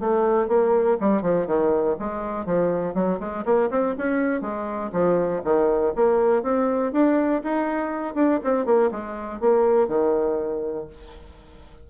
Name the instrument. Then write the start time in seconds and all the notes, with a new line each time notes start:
bassoon
0.00 A3
0.48 A#3
1.01 G3
1.22 F3
1.47 D#3
1.99 G#3
2.46 F3
2.94 F#3
3.20 G#3
3.45 A#3
3.71 C4
3.98 C#4
4.42 G#3
4.92 F3
5.44 D#3
5.96 A#3
6.43 C4
6.92 D4
7.44 D#4
8.15 D4
8.44 C4
8.66 A#3
8.91 G#3
9.41 A#3
9.88 D#3